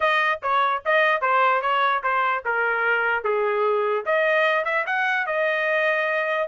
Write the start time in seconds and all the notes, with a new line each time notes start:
0.00 D#5
0.42 C#5
0.85 D#5
1.21 C5
1.61 C#5
2.03 C5
2.45 A#4
3.24 G#4
4.05 D#5
4.64 E5
4.86 F#5
5.26 D#5